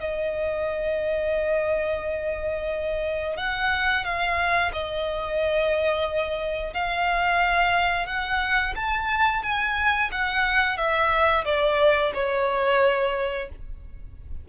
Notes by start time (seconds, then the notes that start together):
0.00 D#5
3.37 F#5
4.04 F5
4.73 D#5
6.74 F5
8.07 F#5
8.76 A5
9.43 G#5
10.12 F#5
10.77 E5
11.45 D5
12.14 C#5